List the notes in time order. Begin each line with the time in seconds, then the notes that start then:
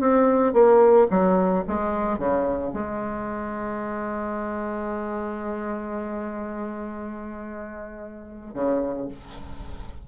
0.00 C4
0.53 A#3
1.11 F#3
1.68 G#3
2.18 C#3
2.73 G#3
8.54 C#3